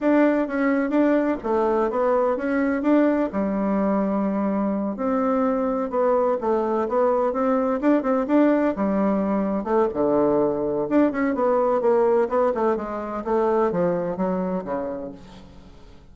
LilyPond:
\new Staff \with { instrumentName = "bassoon" } { \time 4/4 \tempo 4 = 127 d'4 cis'4 d'4 a4 | b4 cis'4 d'4 g4~ | g2~ g8 c'4.~ | c'8 b4 a4 b4 c'8~ |
c'8 d'8 c'8 d'4 g4.~ | g8 a8 d2 d'8 cis'8 | b4 ais4 b8 a8 gis4 | a4 f4 fis4 cis4 | }